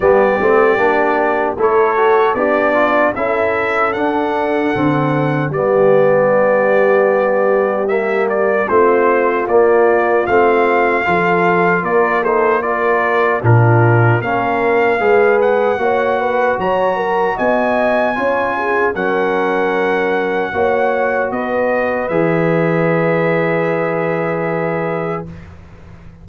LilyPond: <<
  \new Staff \with { instrumentName = "trumpet" } { \time 4/4 \tempo 4 = 76 d''2 cis''4 d''4 | e''4 fis''2 d''4~ | d''2 e''8 d''8 c''4 | d''4 f''2 d''8 c''8 |
d''4 ais'4 f''4. fis''8~ | fis''4 ais''4 gis''2 | fis''2. dis''4 | e''1 | }
  \new Staff \with { instrumentName = "horn" } { \time 4/4 g'2 a'4 d'4 | a'2. g'4~ | g'2. f'4~ | f'2 a'4 ais'8 a'8 |
ais'4 f'4 ais'4 b'4 | cis''8 b'8 cis''8 ais'8 dis''4 cis''8 gis'8 | ais'2 cis''4 b'4~ | b'1 | }
  \new Staff \with { instrumentName = "trombone" } { \time 4/4 b8 c'8 d'4 e'8 fis'8 g'8 f'8 | e'4 d'4 c'4 b4~ | b2 ais4 c'4 | ais4 c'4 f'4. dis'8 |
f'4 d'4 cis'4 gis'4 | fis'2. f'4 | cis'2 fis'2 | gis'1 | }
  \new Staff \with { instrumentName = "tuba" } { \time 4/4 g8 a8 ais4 a4 b4 | cis'4 d'4 d4 g4~ | g2. a4 | ais4 a4 f4 ais4~ |
ais4 ais,4 ais4 gis4 | ais4 fis4 b4 cis'4 | fis2 ais4 b4 | e1 | }
>>